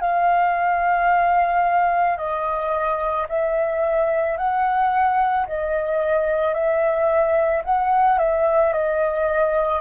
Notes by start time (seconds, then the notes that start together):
0.00 F5
2.17 D#5
3.28 E5
4.37 F#5
5.46 D#5
6.54 E5
7.64 F#5
8.18 E5
8.73 D#5